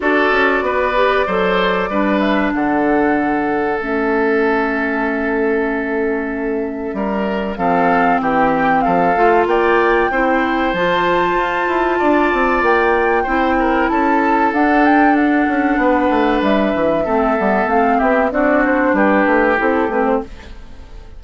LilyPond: <<
  \new Staff \with { instrumentName = "flute" } { \time 4/4 \tempo 4 = 95 d''2.~ d''8 e''8 | fis''2 e''2~ | e''1 | f''4 g''4 f''4 g''4~ |
g''4 a''2. | g''2 a''4 fis''8 g''8 | fis''2 e''2 | f''8 e''8 d''8 c''8 b'4 a'8 b'16 c''16 | }
  \new Staff \with { instrumentName = "oboe" } { \time 4/4 a'4 b'4 c''4 b'4 | a'1~ | a'2. ais'4 | a'4 g'4 a'4 d''4 |
c''2. d''4~ | d''4 c''8 ais'8 a'2~ | a'4 b'2 a'4~ | a'8 g'8 fis'4 g'2 | }
  \new Staff \with { instrumentName = "clarinet" } { \time 4/4 fis'4. g'8 a'4 d'4~ | d'2 cis'2~ | cis'1 | c'2~ c'8 f'4. |
e'4 f'2.~ | f'4 e'2 d'4~ | d'2. c'8 b8 | c'4 d'2 e'8 c'8 | }
  \new Staff \with { instrumentName = "bassoon" } { \time 4/4 d'8 cis'8 b4 fis4 g4 | d2 a2~ | a2. g4 | f4 e4 f8 a8 ais4 |
c'4 f4 f'8 e'8 d'8 c'8 | ais4 c'4 cis'4 d'4~ | d'8 cis'8 b8 a8 g8 e8 a8 g8 | a8 b8 c'4 g8 a8 c'8 a8 | }
>>